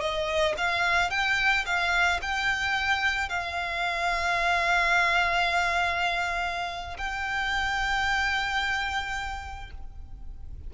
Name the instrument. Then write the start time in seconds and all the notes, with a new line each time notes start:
violin
0.00 D#5
0.57 F5
1.10 G5
1.65 F5
2.21 G5
3.29 F5
6.97 G5